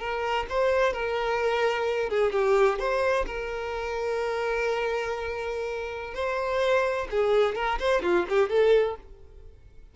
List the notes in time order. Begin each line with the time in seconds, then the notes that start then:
0.00 A#4
0.50 C5
0.93 A#4
2.10 G#4
2.33 G4
2.79 C5
3.26 A#4
6.14 C5
7.11 G#4
7.55 A#4
7.80 C5
8.03 F4
8.29 G4
8.50 A4